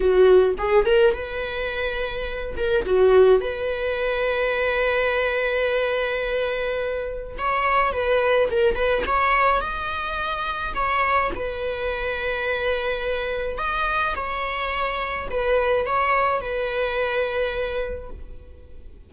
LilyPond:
\new Staff \with { instrumentName = "viola" } { \time 4/4 \tempo 4 = 106 fis'4 gis'8 ais'8 b'2~ | b'8 ais'8 fis'4 b'2~ | b'1~ | b'4 cis''4 b'4 ais'8 b'8 |
cis''4 dis''2 cis''4 | b'1 | dis''4 cis''2 b'4 | cis''4 b'2. | }